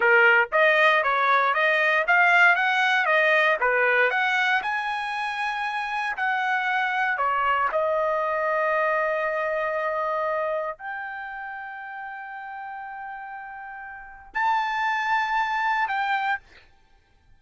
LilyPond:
\new Staff \with { instrumentName = "trumpet" } { \time 4/4 \tempo 4 = 117 ais'4 dis''4 cis''4 dis''4 | f''4 fis''4 dis''4 b'4 | fis''4 gis''2. | fis''2 cis''4 dis''4~ |
dis''1~ | dis''4 g''2.~ | g''1 | a''2. g''4 | }